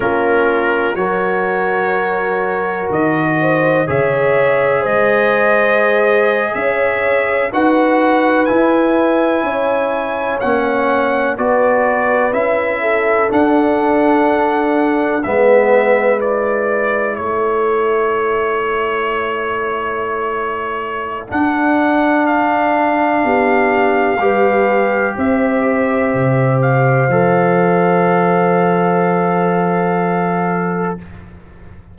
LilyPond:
<<
  \new Staff \with { instrumentName = "trumpet" } { \time 4/4 \tempo 4 = 62 ais'4 cis''2 dis''4 | e''4 dis''4.~ dis''16 e''4 fis''16~ | fis''8. gis''2 fis''4 d''16~ | d''8. e''4 fis''2 e''16~ |
e''8. d''4 cis''2~ cis''16~ | cis''2 fis''4 f''4~ | f''2 e''4. f''8~ | f''1 | }
  \new Staff \with { instrumentName = "horn" } { \time 4/4 f'4 ais'2~ ais'8 c''8 | cis''4 c''4.~ c''16 cis''4 b'16~ | b'4.~ b'16 cis''2 b'16~ | b'4~ b'16 a'2~ a'8 b'16~ |
b'4.~ b'16 a'2~ a'16~ | a'1 | g'4 b'4 c''2~ | c''1 | }
  \new Staff \with { instrumentName = "trombone" } { \time 4/4 cis'4 fis'2. | gis'2.~ gis'8. fis'16~ | fis'8. e'2 cis'4 fis'16~ | fis'8. e'4 d'2 b16~ |
b8. e'2.~ e'16~ | e'2 d'2~ | d'4 g'2. | a'1 | }
  \new Staff \with { instrumentName = "tuba" } { \time 4/4 ais4 fis2 dis4 | cis4 gis4.~ gis16 cis'4 dis'16~ | dis'8. e'4 cis'4 ais4 b16~ | b8. cis'4 d'2 gis16~ |
gis4.~ gis16 a2~ a16~ | a2 d'2 | b4 g4 c'4 c4 | f1 | }
>>